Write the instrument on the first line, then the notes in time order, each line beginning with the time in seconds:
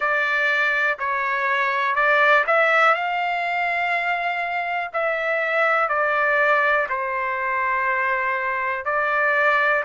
trumpet
0.00 D5
0.98 C#5
1.94 D5
2.46 E5
2.94 F5
4.93 E5
5.88 D5
6.89 C5
8.85 D5